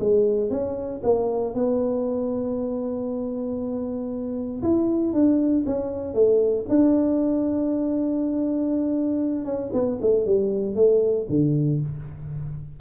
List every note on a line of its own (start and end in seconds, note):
0.00 0.50 G#3
0.50 1.02 C#4
1.04 1.55 A#3
1.55 4.63 B3
4.63 5.14 E4
5.14 5.65 D4
5.66 6.14 C#4
6.14 6.66 A3
6.69 9.45 D4
9.45 9.71 C#4
9.73 9.99 B3
10.02 10.26 A3
10.26 10.76 G3
10.76 11.27 A3
11.30 11.81 D3